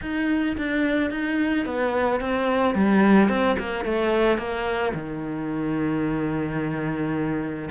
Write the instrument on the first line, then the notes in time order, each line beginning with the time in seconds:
cello
0.01 D#4
0.57 D4
1.10 D#4
1.65 B3
2.20 C4
2.74 G3
3.29 C4
3.58 A#3
3.84 A3
4.38 A#3
4.94 D#3